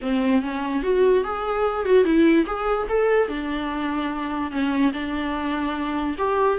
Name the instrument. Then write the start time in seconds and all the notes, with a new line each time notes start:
viola
0.01 C4
0.41 C#4
0.82 F#4
1.23 G#4
1.85 F#4
2.04 E4
2.46 G#4
2.88 A4
3.28 D4
4.51 C#4
4.92 D4
6.18 G4